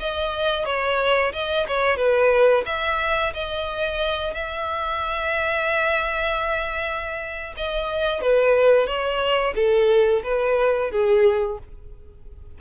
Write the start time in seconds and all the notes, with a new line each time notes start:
0.00 D#5
0.66 C#5
1.33 D#5
1.68 C#5
1.97 B4
2.66 E5
3.34 D#5
4.35 E5
7.57 D#5
8.22 B4
8.87 C#5
9.55 A4
10.24 B4
10.92 G#4